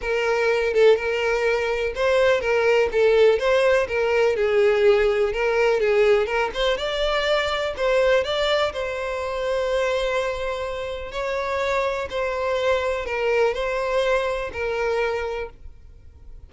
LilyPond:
\new Staff \with { instrumentName = "violin" } { \time 4/4 \tempo 4 = 124 ais'4. a'8 ais'2 | c''4 ais'4 a'4 c''4 | ais'4 gis'2 ais'4 | gis'4 ais'8 c''8 d''2 |
c''4 d''4 c''2~ | c''2. cis''4~ | cis''4 c''2 ais'4 | c''2 ais'2 | }